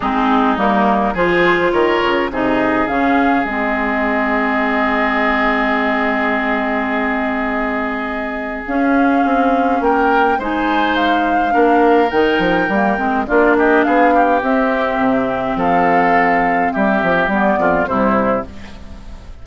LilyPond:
<<
  \new Staff \with { instrumentName = "flute" } { \time 4/4 \tempo 4 = 104 gis'4 ais'4 c''4 cis''4 | dis''4 f''4 dis''2~ | dis''1~ | dis''2. f''4~ |
f''4 g''4 gis''4 f''4~ | f''4 g''2 d''8 dis''8 | f''4 e''2 f''4~ | f''4 e''4 d''4 c''4 | }
  \new Staff \with { instrumentName = "oboe" } { \time 4/4 dis'2 gis'4 ais'4 | gis'1~ | gis'1~ | gis'1~ |
gis'4 ais'4 c''2 | ais'2. f'8 g'8 | gis'8 g'2~ g'8 a'4~ | a'4 g'4. f'8 e'4 | }
  \new Staff \with { instrumentName = "clarinet" } { \time 4/4 c'4 ais4 f'2 | dis'4 cis'4 c'2~ | c'1~ | c'2. cis'4~ |
cis'2 dis'2 | d'4 dis'4 ais8 c'8 d'4~ | d'4 c'2.~ | c'2 b4 g4 | }
  \new Staff \with { instrumentName = "bassoon" } { \time 4/4 gis4 g4 f4 dis8 cis8 | c4 cis4 gis2~ | gis1~ | gis2. cis'4 |
c'4 ais4 gis2 | ais4 dis8 f8 g8 gis8 ais4 | b4 c'4 c4 f4~ | f4 g8 f8 g8 f,8 c4 | }
>>